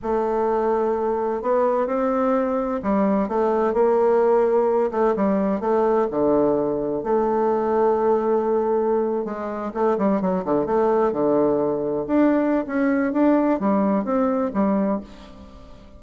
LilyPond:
\new Staff \with { instrumentName = "bassoon" } { \time 4/4 \tempo 4 = 128 a2. b4 | c'2 g4 a4 | ais2~ ais8 a8 g4 | a4 d2 a4~ |
a2.~ a8. gis16~ | gis8. a8 g8 fis8 d8 a4 d16~ | d4.~ d16 d'4~ d'16 cis'4 | d'4 g4 c'4 g4 | }